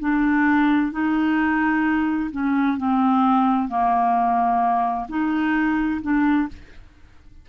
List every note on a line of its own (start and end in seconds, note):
0.00 0.92 D4
0.92 2.30 D#4
2.31 2.77 C#4
2.78 3.68 C4
3.68 5.07 A#3
5.09 6.01 D#4
6.02 6.48 D4